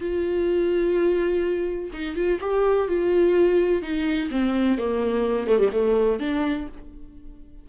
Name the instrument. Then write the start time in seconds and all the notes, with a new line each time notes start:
viola
0.00 F4
1.93 D#4
2.16 F4
2.41 G4
2.88 F4
3.82 D#4
4.31 C4
4.78 A#3
5.47 A3
5.59 G3
5.72 A3
6.20 D4